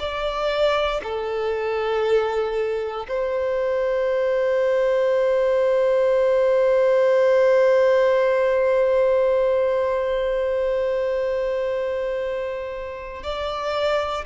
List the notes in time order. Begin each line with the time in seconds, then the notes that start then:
0.00 D5
1.04 A4
3.09 C5
13.23 D5